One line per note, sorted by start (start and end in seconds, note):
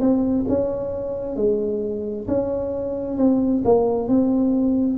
0.00 0.45 C4
0.48 1.36 C#4
1.36 2.27 G#3
2.28 3.17 C#4
3.17 3.63 C4
3.64 4.08 A#3
4.08 4.98 C4